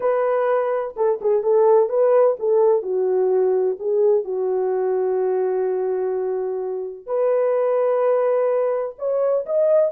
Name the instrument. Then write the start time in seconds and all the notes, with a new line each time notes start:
horn
0.00 B4
0.96 A4
1.21 G#4
1.42 A4
1.89 B4
2.39 A4
2.82 F#4
3.79 G#4
4.24 F#4
7.06 B4
8.98 C#5
9.46 D#5